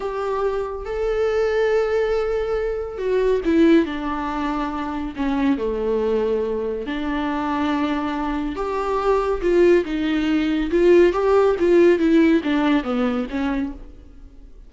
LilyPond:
\new Staff \with { instrumentName = "viola" } { \time 4/4 \tempo 4 = 140 g'2 a'2~ | a'2. fis'4 | e'4 d'2. | cis'4 a2. |
d'1 | g'2 f'4 dis'4~ | dis'4 f'4 g'4 f'4 | e'4 d'4 b4 cis'4 | }